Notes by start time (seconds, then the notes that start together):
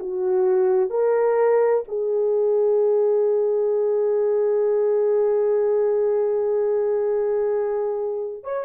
0.00 F#4
0.90 A#4
1.88 G#4
8.44 C#5